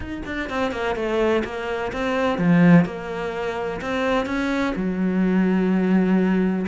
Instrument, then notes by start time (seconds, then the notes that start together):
cello
0.00 D#4
0.25 D4
0.49 C4
0.71 A#3
0.95 A3
1.44 A#3
1.92 C4
2.38 F3
2.85 A#3
3.81 C4
4.26 C#4
4.75 F#3